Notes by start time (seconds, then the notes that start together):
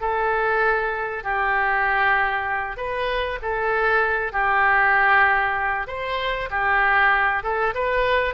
0.00 A4
1.23 G4
2.76 B4
3.42 A4
4.32 G4
5.87 C5
6.50 G4
7.43 A4
7.74 B4